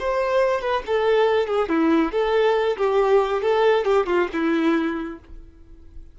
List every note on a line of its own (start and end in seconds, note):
0.00 0.62 C5
0.62 0.83 B4
0.87 1.48 A4
1.48 1.69 G#4
1.69 2.12 E4
2.13 2.77 A4
2.78 3.42 G4
3.42 3.85 A4
3.85 4.07 G4
4.07 4.29 F4
4.33 5.20 E4